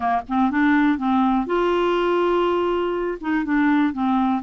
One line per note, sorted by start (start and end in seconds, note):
0.00 0.21 A#3
0.28 0.51 C4
0.51 0.98 D4
0.98 1.46 C4
1.46 3.18 F4
3.20 3.44 D#4
3.44 3.93 D4
3.93 4.42 C4